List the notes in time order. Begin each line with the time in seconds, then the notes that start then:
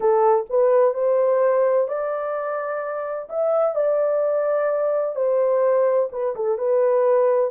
0.00 A4
0.49 B4
0.94 C5
1.87 D5
3.29 E5
3.75 D5
5.15 C5
6.12 B4
6.35 A4
6.58 B4